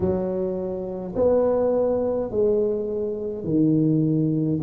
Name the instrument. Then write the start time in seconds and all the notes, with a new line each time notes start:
tuba
0.00 F#3
1.15 B3
2.30 G#3
3.44 D#3